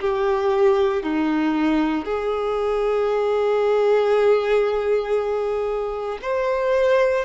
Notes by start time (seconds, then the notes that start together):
0.00 G4
1.03 D#4
2.05 G#4
6.22 C5